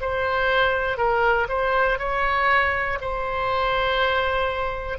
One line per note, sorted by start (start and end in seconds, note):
0.00 0.97 C5
0.97 1.47 A#4
1.48 1.98 C5
1.99 2.99 C#5
3.01 4.98 C5